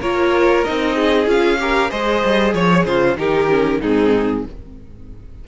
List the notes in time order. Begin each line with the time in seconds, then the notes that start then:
0.00 A#3 F4 A#4 C#5
0.64 C4 D#4 D#5
0.95 G#4
1.26 C#4 F4 F5
1.59 G4 A#4
1.90 G#3 G#4 C5 D#5
2.24 G3
2.53 F3 C#5
2.85 C#3 F4 C5
3.16 D#3 D#4 G4 A#4
3.49 C#4
3.80 G#2 C4 D#4 G#4